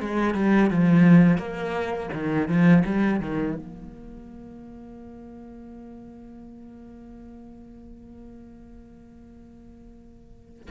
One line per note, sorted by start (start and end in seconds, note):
0.00 0.34 G#3
0.34 0.70 G3
0.70 1.37 F3
1.37 2.09 A#3
2.12 2.48 D#3
2.48 2.83 F3
2.84 3.20 G3
3.20 3.55 D#3
3.55 10.69 A#3